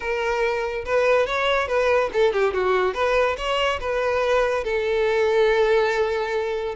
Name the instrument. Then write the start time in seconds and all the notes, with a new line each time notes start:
violin
0.00 A#4
0.85 B4
1.26 C#5
1.67 B4
2.12 A4
2.32 G4
2.53 F#4
2.94 B4
3.37 C#5
3.80 B4
4.64 A4